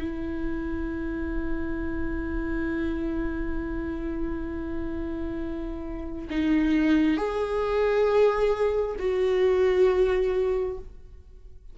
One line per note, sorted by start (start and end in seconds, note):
0.00 6.27 E4
6.30 7.17 D#4
7.17 8.96 G#4
8.98 10.77 F#4